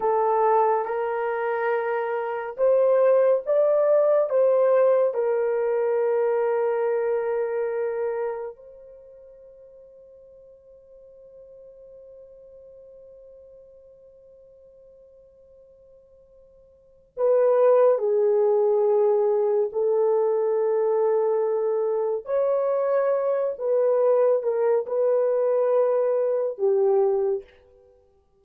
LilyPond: \new Staff \with { instrumentName = "horn" } { \time 4/4 \tempo 4 = 70 a'4 ais'2 c''4 | d''4 c''4 ais'2~ | ais'2 c''2~ | c''1~ |
c''1 | b'4 gis'2 a'4~ | a'2 cis''4. b'8~ | b'8 ais'8 b'2 g'4 | }